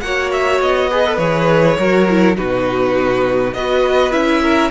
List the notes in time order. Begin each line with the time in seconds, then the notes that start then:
0.00 A#3 F#4 C#5 F#5
0.31 E5
0.59 B3 D#5
0.89 G#4 B4
1.05 A4
1.17 E3 G#4 C#5
1.78 F#3 F#4 A#4
2.09 E4
2.35 B2 D#4 F#4 B4
3.53 B3 F#4 B4 D#5
4.11 C#4 E4 E5
4.41 A#4